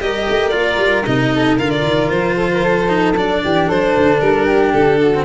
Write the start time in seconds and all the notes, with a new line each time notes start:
0.00 G3 G4 A#4 D#5
0.29 A3
0.49 A#3 F4 D5
0.77 G3
1.05 C3 D#4 D#5
1.34 A4
1.56 D3 F4 A#4 F5
1.70 D5
1.83 D#3
2.09 F3 C5
2.36 A4
2.53 A#4
2.63 A4
2.88 D#4
3.16 F#3 D4 D5
3.44 E3 G4
3.68 F#3 A4 C5
3.97 D3
4.19 G3 A#4
4.45 G4
4.73 D3 A4
5.01 F#4
5.14 C4